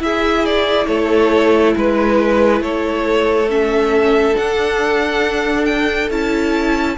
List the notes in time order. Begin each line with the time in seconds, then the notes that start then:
0.00 E4 G#4 E5
0.46 D5
0.87 A3 A4 C#5
1.77 G#3 B4
2.62 A3 A4 C#5
3.49 C#4 E5
4.34 D4 F#5
5.66 G5
6.11 C#4 E4 A5